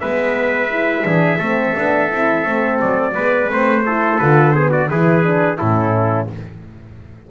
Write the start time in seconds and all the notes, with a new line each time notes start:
0.00 G#3 B3 B4 E5
0.70 E4
1.04 E3 D4 G#4
1.37 A3 C4 A4
1.75 B3 D4
2.11 C4 E4
2.45 A3 C4
2.81 F#3 D5
3.14 G#3 B3 B4
3.48 A3 C4 C5
3.85 E4 A4
4.18 D3 F4 B4
4.52 B3 G#4 C5
4.70 F#4 D5
4.90 E3 E4 G#4 B4
5.23 D4
5.58 A2 C#4 E4 A4